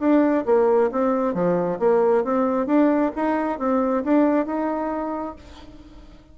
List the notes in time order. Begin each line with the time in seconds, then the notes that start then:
0.00 D4
0.46 A#3
0.92 C4
1.34 F3
1.79 A#3
2.24 C4
2.67 D4
3.16 D#4
3.59 C4
4.04 D4
4.47 D#4